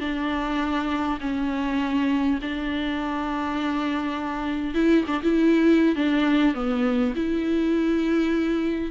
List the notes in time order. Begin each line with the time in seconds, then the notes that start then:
0.00 D4
1.20 C#4
2.42 D4
4.75 E4
5.07 D4
5.23 E4
5.96 D4
6.54 B3
7.16 E4